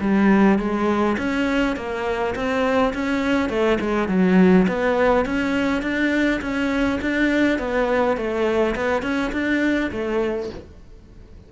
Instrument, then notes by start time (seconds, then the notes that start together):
cello
0.00 G3
0.58 G#3
1.18 C#4
1.76 A#3
2.35 C4
2.93 C#4
3.49 A3
3.80 G#3
4.08 F#3
4.67 B3
5.25 C#4
5.82 D4
6.41 C#4
7.01 D4
7.58 B3
8.16 A3
8.75 B3
9.02 C#4
9.32 D4
9.91 A3